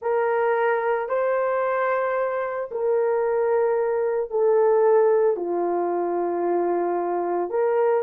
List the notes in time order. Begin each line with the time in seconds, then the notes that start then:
0.01 A#4
1.09 C5
2.71 A#4
4.30 A4
5.36 F4
7.50 A#4